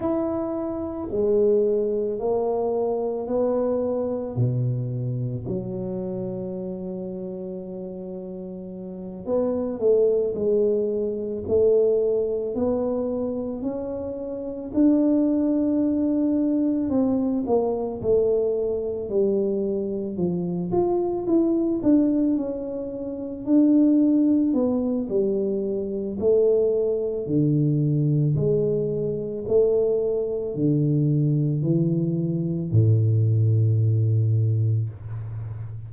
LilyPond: \new Staff \with { instrumentName = "tuba" } { \time 4/4 \tempo 4 = 55 e'4 gis4 ais4 b4 | b,4 fis2.~ | fis8 b8 a8 gis4 a4 b8~ | b8 cis'4 d'2 c'8 |
ais8 a4 g4 f8 f'8 e'8 | d'8 cis'4 d'4 b8 g4 | a4 d4 gis4 a4 | d4 e4 a,2 | }